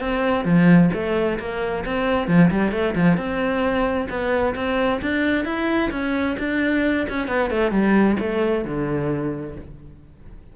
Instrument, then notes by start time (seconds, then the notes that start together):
cello
0.00 C4
0.44 F3
0.93 A3
1.39 A#3
1.85 C4
2.27 F3
2.51 G3
2.71 A3
2.95 F3
3.17 C4
4.09 B3
4.55 C4
5.01 D4
5.45 E4
5.91 C#4
6.39 D4
7.09 C#4
7.27 B3
7.50 A3
7.71 G3
8.19 A3
8.65 D3